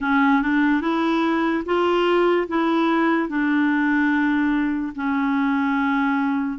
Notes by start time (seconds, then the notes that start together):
0.00 C#4
0.41 D4
0.81 E4
1.65 F4
2.47 E4
3.28 D4
4.95 C#4